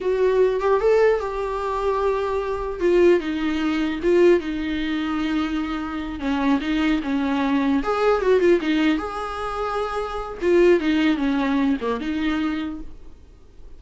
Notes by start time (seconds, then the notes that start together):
0.01 F#4
0.60 G4
0.80 A4
1.19 G4
2.79 F4
3.20 D#4
4.03 F4
4.39 D#4
6.19 C#4
6.60 D#4
7.02 C#4
7.83 G#4
8.21 F#4
8.39 F4
8.61 D#4
8.98 G#4
10.41 F4
10.79 D#4
11.17 C#4
11.81 A#3
12.00 D#4